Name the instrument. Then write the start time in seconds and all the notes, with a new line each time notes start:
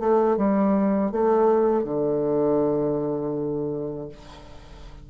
bassoon
0.00 A3
0.37 G3
1.12 A3
1.84 D3